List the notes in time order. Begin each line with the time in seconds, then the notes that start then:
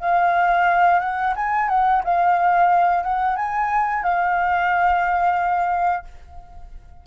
0.00 F5
1.00 F#5
1.36 G#5
1.69 F#5
2.04 F5
3.03 F#5
3.36 G#5
4.03 F5